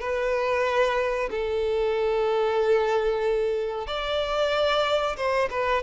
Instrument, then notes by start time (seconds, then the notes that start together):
violin
0.00 B4
1.30 A4
3.87 D5
5.16 C5
5.50 B4